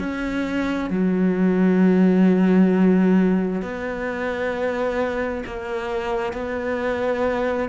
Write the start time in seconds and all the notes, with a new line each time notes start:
0.00 C#4
0.90 F#3
3.62 B3
5.47 A#3
6.33 B3